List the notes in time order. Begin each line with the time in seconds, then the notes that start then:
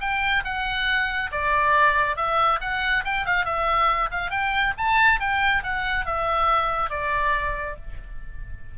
0.00 G5
0.44 F#5
1.31 D5
2.16 E5
2.60 F#5
3.04 G5
3.25 F5
3.45 E5
4.11 F5
4.30 G5
4.77 A5
5.20 G5
5.63 F#5
6.05 E5
6.89 D5